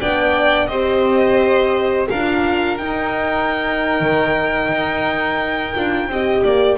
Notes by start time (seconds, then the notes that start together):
0.00 B3 D4 D5 G5
0.66 C4 G4 C5 D#5
2.09 D4 F4 A#4 F5
2.77 D#4 G5
4.00 D#3
4.69 D#4
5.74 D4 F4
6.08 C4 G4 D#5
6.43 A#3 D5